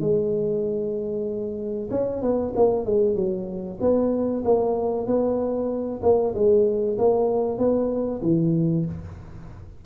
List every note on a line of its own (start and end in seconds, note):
0.00 1.89 G#3
1.91 2.22 C#4
2.22 2.53 B3
2.56 2.86 A#3
2.86 3.16 G#3
3.16 3.79 F#3
3.81 4.44 B3
4.45 5.06 A#3
5.06 6.01 B3
6.03 6.34 A#3
6.35 6.98 G#3
6.98 7.58 A#3
7.58 8.22 B3
8.22 8.85 E3